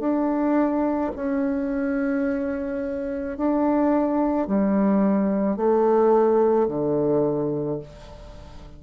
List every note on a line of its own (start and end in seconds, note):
0.00 1.11 D4
1.16 3.38 C#4
3.38 4.47 D4
4.47 5.57 G3
5.57 6.68 A3
6.69 7.80 D3